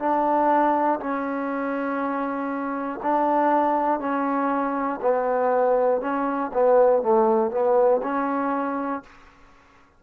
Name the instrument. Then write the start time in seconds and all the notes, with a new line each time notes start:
trombone
0.00 D4
1.00 C#4
3.03 D4
4.00 C#4
5.02 B3
6.02 C#4
6.54 B3
7.03 A3
7.51 B3
8.03 C#4